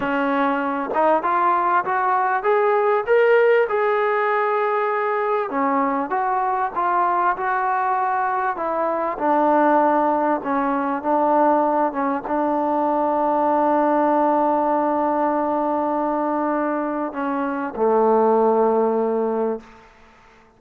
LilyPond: \new Staff \with { instrumentName = "trombone" } { \time 4/4 \tempo 4 = 98 cis'4. dis'8 f'4 fis'4 | gis'4 ais'4 gis'2~ | gis'4 cis'4 fis'4 f'4 | fis'2 e'4 d'4~ |
d'4 cis'4 d'4. cis'8 | d'1~ | d'1 | cis'4 a2. | }